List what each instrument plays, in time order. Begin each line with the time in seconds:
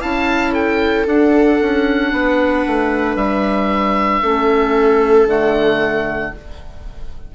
0.00 bassoon C#4, clarinet E4, viola F5, oboe A5
0.52 viola A4, oboe G5
1.06 bassoon D4, clarinet D4, oboe F#5
1.61 bassoon C#4
2.12 bassoon B3, viola B4
2.66 bassoon A3
3.15 bassoon G3, oboe E5
4.22 bassoon A3, clarinet C#4, viola A4
5.26 bassoon D3, clarinet A3, oboe F#5